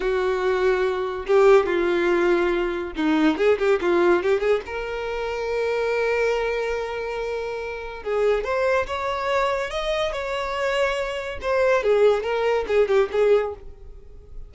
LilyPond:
\new Staff \with { instrumentName = "violin" } { \time 4/4 \tempo 4 = 142 fis'2. g'4 | f'2. dis'4 | gis'8 g'8 f'4 g'8 gis'8 ais'4~ | ais'1~ |
ais'2. gis'4 | c''4 cis''2 dis''4 | cis''2. c''4 | gis'4 ais'4 gis'8 g'8 gis'4 | }